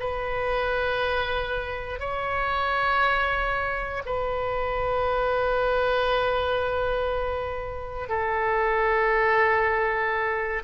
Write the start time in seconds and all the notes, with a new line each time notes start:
0.00 B4
2.00 C#5
4.06 B4
8.09 A4